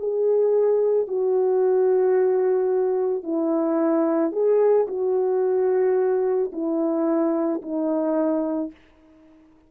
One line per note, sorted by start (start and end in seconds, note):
0.00 1.08 G#4
1.08 3.24 F#4
3.24 4.32 E4
4.32 4.87 G#4
4.88 6.52 F#4
6.53 7.62 E4
7.63 8.72 D#4